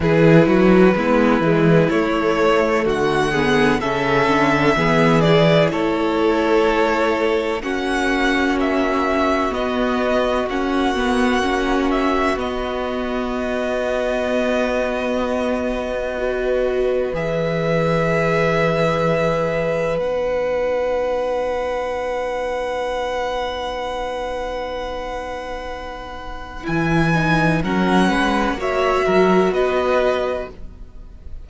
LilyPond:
<<
  \new Staff \with { instrumentName = "violin" } { \time 4/4 \tempo 4 = 63 b'2 cis''4 fis''4 | e''4. d''8 cis''2 | fis''4 e''4 dis''4 fis''4~ | fis''8 e''8 dis''2.~ |
dis''2 e''2~ | e''4 fis''2.~ | fis''1 | gis''4 fis''4 e''4 dis''4 | }
  \new Staff \with { instrumentName = "violin" } { \time 4/4 gis'8 fis'8 e'2 fis'8 gis'8 | a'4 gis'4 a'2 | fis'1~ | fis'1~ |
fis'4 b'2.~ | b'1~ | b'1~ | b'4 ais'8 b'8 cis''8 ais'8 b'4 | }
  \new Staff \with { instrumentName = "viola" } { \time 4/4 e'4 b8 gis8 a4. b8 | cis'4 b8 e'2~ e'8 | cis'2 b4 cis'8 b8 | cis'4 b2.~ |
b4 fis'4 gis'2~ | gis'4 dis'2.~ | dis'1 | e'8 dis'8 cis'4 fis'2 | }
  \new Staff \with { instrumentName = "cello" } { \time 4/4 e8 fis8 gis8 e8 a4 d4 | cis8 d8 e4 a2 | ais2 b4 ais4~ | ais4 b2.~ |
b2 e2~ | e4 b2.~ | b1 | e4 fis8 gis8 ais8 fis8 b4 | }
>>